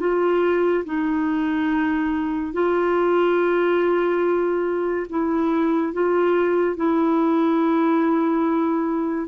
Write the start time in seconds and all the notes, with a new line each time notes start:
0.00 F4
0.85 D#4
2.53 F4
5.09 E4
5.93 F4
6.76 E4